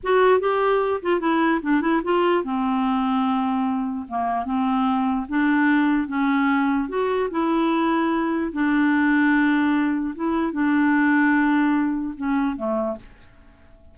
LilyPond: \new Staff \with { instrumentName = "clarinet" } { \time 4/4 \tempo 4 = 148 fis'4 g'4. f'8 e'4 | d'8 e'8 f'4 c'2~ | c'2 ais4 c'4~ | c'4 d'2 cis'4~ |
cis'4 fis'4 e'2~ | e'4 d'2.~ | d'4 e'4 d'2~ | d'2 cis'4 a4 | }